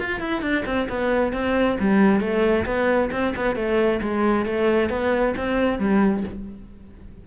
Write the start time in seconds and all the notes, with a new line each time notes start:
0.00 F4
0.21 E4
0.42 D4
0.66 C4
0.90 B3
1.33 C4
1.80 G3
2.21 A3
2.66 B3
3.12 C4
3.36 B3
3.56 A3
4.02 G#3
4.46 A3
4.90 B3
5.37 C4
5.79 G3